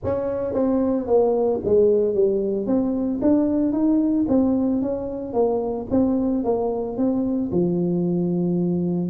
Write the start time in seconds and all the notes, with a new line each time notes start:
0.04 C#4
0.53 C4
1.06 A#3
1.64 G#3
2.14 G3
2.66 C4
3.21 D4
3.72 D#4
4.28 C4
4.82 C#4
5.33 A#3
5.90 C4
6.44 A#3
6.97 C4
7.51 F3